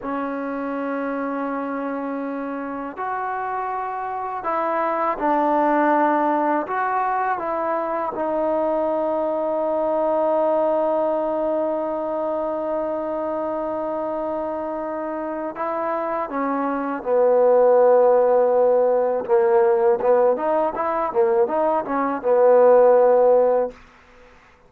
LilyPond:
\new Staff \with { instrumentName = "trombone" } { \time 4/4 \tempo 4 = 81 cis'1 | fis'2 e'4 d'4~ | d'4 fis'4 e'4 dis'4~ | dis'1~ |
dis'1~ | dis'4 e'4 cis'4 b4~ | b2 ais4 b8 dis'8 | e'8 ais8 dis'8 cis'8 b2 | }